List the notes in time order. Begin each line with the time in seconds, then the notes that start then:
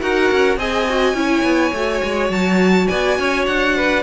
0.00 D#4 F#4 A#4 F#5
0.31 C#4
0.57 C4 G#4 D#5 G#5
0.89 F#4
1.14 C#4 E4 C#5
1.43 B3
1.73 A3 F#4
2.03 G#3
2.30 F#3 A5
2.88 B3 D5 G#5
3.19 C#4 C#5
3.46 D4 F#5
3.77 B4